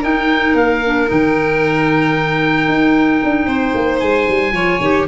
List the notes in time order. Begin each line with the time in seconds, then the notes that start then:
0.00 D#4 A#4 G5
0.54 A#3 F5
0.85 D4
1.06 D#3 D#4 G5
2.68 D#4
3.24 D4
3.46 C4 C5
3.74 A#3
4.00 G#3 G#5
4.29 G3
4.52 F3 F4 C#5
4.80 D#3 G4